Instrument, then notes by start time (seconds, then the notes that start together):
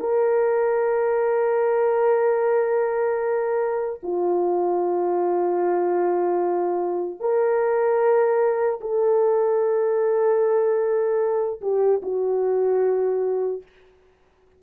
horn
0.00 A#4
4.03 F4
7.20 A#4
8.81 A4
11.61 G4
12.03 F#4